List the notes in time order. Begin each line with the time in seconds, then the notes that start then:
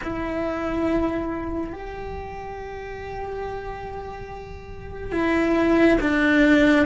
0.03 E4
1.72 G4
5.12 E4
6.00 D4